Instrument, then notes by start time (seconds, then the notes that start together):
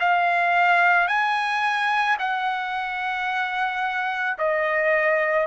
trumpet
0.00 F5
1.08 G#5
2.19 F#5
4.38 D#5